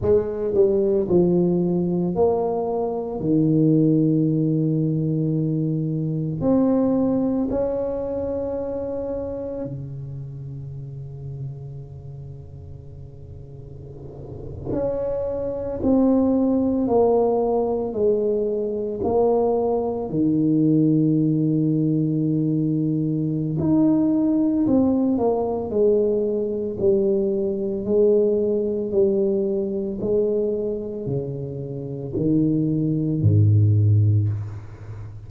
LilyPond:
\new Staff \with { instrumentName = "tuba" } { \time 4/4 \tempo 4 = 56 gis8 g8 f4 ais4 dis4~ | dis2 c'4 cis'4~ | cis'4 cis2.~ | cis4.~ cis16 cis'4 c'4 ais16~ |
ais8. gis4 ais4 dis4~ dis16~ | dis2 dis'4 c'8 ais8 | gis4 g4 gis4 g4 | gis4 cis4 dis4 gis,4 | }